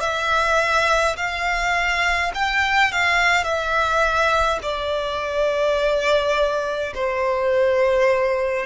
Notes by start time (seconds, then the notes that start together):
0.00 E5
1.16 F5
2.34 G5
2.92 F5
3.43 E5
4.62 D5
6.94 C5